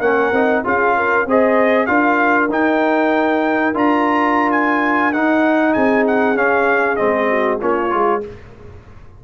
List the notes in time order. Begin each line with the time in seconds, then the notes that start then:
0.00 A#3 C#4 A#4 F#5
0.32 C4 D#4
0.64 C#4 F4 G#4 F5
0.97 A#4
1.26 C4 G#4 C5 D#5
1.86 D4 F4 A#4 F5
2.50 D#4 G5
3.74 D4 F4 A#5
4.51 G#5
5.13 D#4 F#5
5.73 C4 G#4 G#5
6.07 F#5
6.36 C#4 F5
6.97 G#3 C4 D#5
7.30 F#4
7.60 A#3 C#4 F4 C#5
7.90 G#3 F4